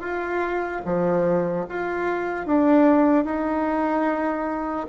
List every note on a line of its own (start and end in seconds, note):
0.00 0.81 F4
0.84 1.65 F3
1.68 2.46 F4
2.46 3.24 D4
3.24 4.86 D#4